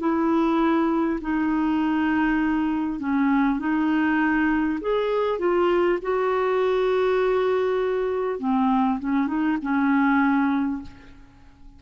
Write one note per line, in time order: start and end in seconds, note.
0.00 1.20 E4
1.21 2.99 D#4
2.99 3.59 C#4
3.59 4.79 D#4
4.81 5.39 G#4
5.39 5.99 F4
6.02 8.39 F#4
8.39 8.99 C4
9.00 9.27 C#4
9.27 9.57 D#4
9.62 10.82 C#4